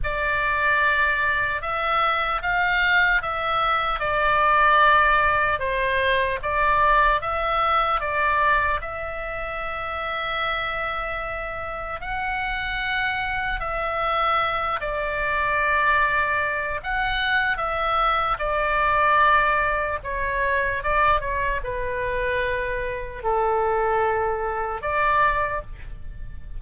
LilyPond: \new Staff \with { instrumentName = "oboe" } { \time 4/4 \tempo 4 = 75 d''2 e''4 f''4 | e''4 d''2 c''4 | d''4 e''4 d''4 e''4~ | e''2. fis''4~ |
fis''4 e''4. d''4.~ | d''4 fis''4 e''4 d''4~ | d''4 cis''4 d''8 cis''8 b'4~ | b'4 a'2 d''4 | }